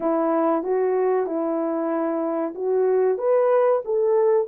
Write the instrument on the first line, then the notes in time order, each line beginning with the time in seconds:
horn
0.00 E4
0.63 F#4
1.26 E4
2.54 F#4
3.17 B4
3.85 A4